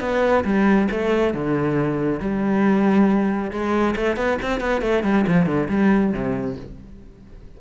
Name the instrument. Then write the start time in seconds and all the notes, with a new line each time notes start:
cello
0.00 B3
0.44 G3
0.91 A3
1.34 D3
2.20 G3
3.51 G#3
3.96 A3
4.16 B3
4.42 C4
4.60 B3
4.81 A3
5.03 G3
5.27 F3
5.46 D3
5.69 G3
6.13 C3